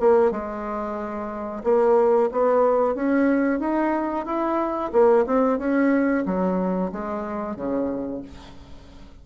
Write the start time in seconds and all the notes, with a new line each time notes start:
0.00 A#3
0.31 G#3
1.64 A#3
2.32 B3
2.95 C#4
3.60 D#4
4.26 E4
4.92 A#3
5.26 C4
5.58 C#4
6.26 F#3
6.92 G#3
7.56 C#3